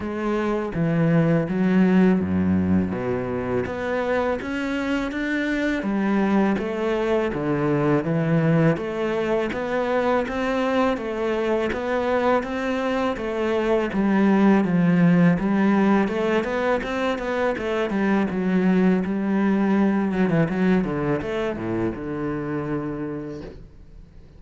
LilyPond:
\new Staff \with { instrumentName = "cello" } { \time 4/4 \tempo 4 = 82 gis4 e4 fis4 fis,4 | b,4 b4 cis'4 d'4 | g4 a4 d4 e4 | a4 b4 c'4 a4 |
b4 c'4 a4 g4 | f4 g4 a8 b8 c'8 b8 | a8 g8 fis4 g4. fis16 e16 | fis8 d8 a8 a,8 d2 | }